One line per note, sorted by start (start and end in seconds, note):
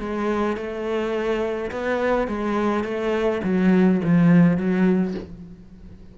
0.00 0.57 G#3
0.57 1.71 A3
1.72 2.28 B3
2.28 2.84 G#3
2.84 3.42 A3
3.44 4.01 F#3
4.04 4.58 F3
4.58 5.15 F#3